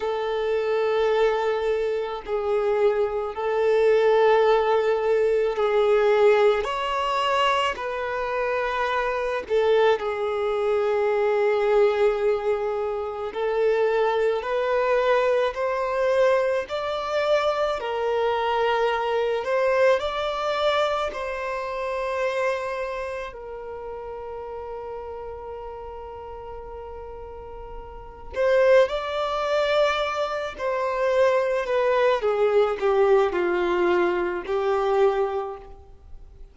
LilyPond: \new Staff \with { instrumentName = "violin" } { \time 4/4 \tempo 4 = 54 a'2 gis'4 a'4~ | a'4 gis'4 cis''4 b'4~ | b'8 a'8 gis'2. | a'4 b'4 c''4 d''4 |
ais'4. c''8 d''4 c''4~ | c''4 ais'2.~ | ais'4. c''8 d''4. c''8~ | c''8 b'8 gis'8 g'8 f'4 g'4 | }